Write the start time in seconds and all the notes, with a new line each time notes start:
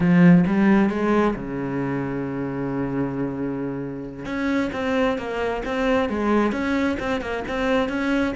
0.00 F3
0.46 G3
0.89 G#3
1.35 C#3
4.25 C#4
4.72 C4
5.18 A#3
5.65 C4
6.09 G#3
6.52 C#4
6.99 C4
7.21 A#3
7.48 C4
7.88 C#4